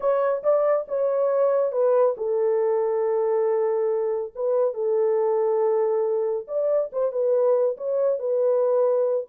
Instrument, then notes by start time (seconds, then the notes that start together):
horn
0.00 C#5
0.43 D5
0.88 C#5
1.72 B4
2.17 A4
4.35 B4
4.73 A4
6.47 D5
6.92 C5
7.12 B4
7.77 C#5
8.19 B4